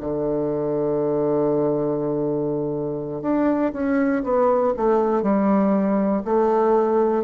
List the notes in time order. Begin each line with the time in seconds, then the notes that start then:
0.00 D3
3.22 D4
3.73 C#4
4.24 B3
4.77 A3
5.22 G3
6.25 A3